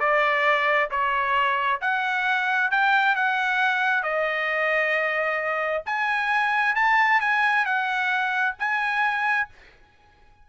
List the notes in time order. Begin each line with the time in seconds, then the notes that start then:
0.00 D5
0.91 C#5
1.81 F#5
2.71 G5
3.16 F#5
4.03 D#5
5.86 G#5
6.76 A5
7.21 G#5
7.65 F#5
8.59 G#5